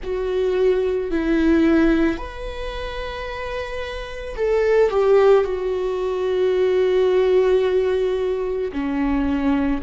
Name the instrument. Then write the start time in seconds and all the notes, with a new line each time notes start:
viola
0.03 F#4
1.11 E4
2.17 B4
4.36 A4
4.90 G4
5.44 F#4
8.72 C#4